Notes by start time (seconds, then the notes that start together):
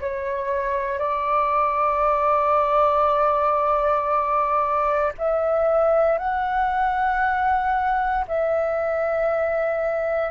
0.00 C#5
0.99 D5
5.18 E5
6.18 F#5
8.28 E5